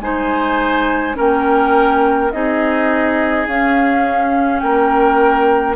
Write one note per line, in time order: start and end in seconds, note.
0.00 1.15 G#3
0.00 1.14 D#4
0.00 1.17 C5
0.00 1.16 G#5
1.14 2.33 A#3
1.14 2.30 C#4
1.14 2.32 A#4
1.14 2.31 G5
2.31 3.47 C4
2.31 3.48 D#4
2.31 4.62 G#4
2.31 3.47 D#5
3.47 4.62 C#4
3.47 5.76 C#4
3.47 4.59 F5
4.59 5.76 A#3
4.59 5.76 A#4
4.59 5.75 G5